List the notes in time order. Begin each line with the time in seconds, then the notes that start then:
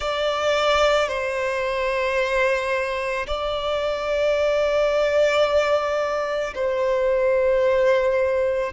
0.00 D5
1.08 C5
3.26 D5
6.55 C5